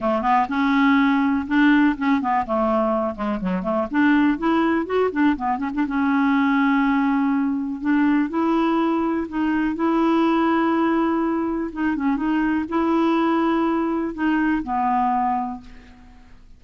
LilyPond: \new Staff \with { instrumentName = "clarinet" } { \time 4/4 \tempo 4 = 123 a8 b8 cis'2 d'4 | cis'8 b8 a4. gis8 fis8 a8 | d'4 e'4 fis'8 d'8 b8 cis'16 d'16 | cis'1 |
d'4 e'2 dis'4 | e'1 | dis'8 cis'8 dis'4 e'2~ | e'4 dis'4 b2 | }